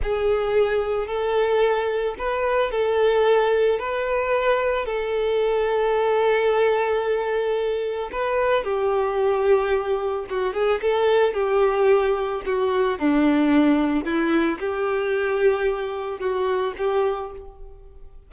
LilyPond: \new Staff \with { instrumentName = "violin" } { \time 4/4 \tempo 4 = 111 gis'2 a'2 | b'4 a'2 b'4~ | b'4 a'2.~ | a'2. b'4 |
g'2. fis'8 gis'8 | a'4 g'2 fis'4 | d'2 e'4 g'4~ | g'2 fis'4 g'4 | }